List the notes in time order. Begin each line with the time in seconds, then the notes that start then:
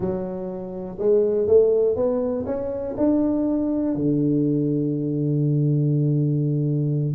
0.00 F#3
0.98 G#3
1.47 A3
1.96 B3
2.46 C#4
2.97 D4
3.95 D3